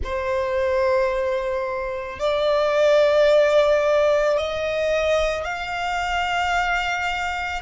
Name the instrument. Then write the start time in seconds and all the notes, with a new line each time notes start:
violin
0.03 C5
2.19 D5
4.37 D#5
5.44 F5